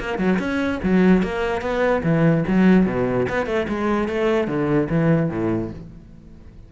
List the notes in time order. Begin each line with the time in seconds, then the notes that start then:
0.00 A#3
0.19 F#3
0.39 C#4
0.83 F#3
1.23 A#3
1.62 B3
2.03 E3
2.47 F#3
2.86 B2
3.29 B3
3.46 A3
3.68 G#3
4.08 A3
4.47 D3
4.89 E3
5.30 A2